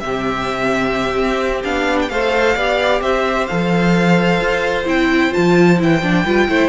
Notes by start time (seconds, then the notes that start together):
0.00 C3 C4 G4 E5
1.17 C4
1.64 B3 D4 F5
2.01 G5
2.09 A3 A4 C5 F5
2.55 B3 G4 D5
3.01 C4 C5 E5
3.47 F3 A4 F5
4.40 F4
4.85 C4 E4 G5
5.31 F3 F4 A5
5.78 E3 E4 G5
6.01 F3 D4
6.24 G3 F4 B4
6.48 A3 E4 C5